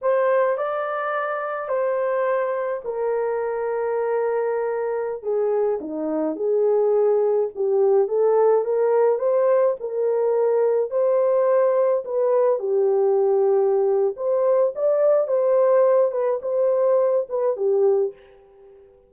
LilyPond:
\new Staff \with { instrumentName = "horn" } { \time 4/4 \tempo 4 = 106 c''4 d''2 c''4~ | c''4 ais'2.~ | ais'4~ ais'16 gis'4 dis'4 gis'8.~ | gis'4~ gis'16 g'4 a'4 ais'8.~ |
ais'16 c''4 ais'2 c''8.~ | c''4~ c''16 b'4 g'4.~ g'16~ | g'4 c''4 d''4 c''4~ | c''8 b'8 c''4. b'8 g'4 | }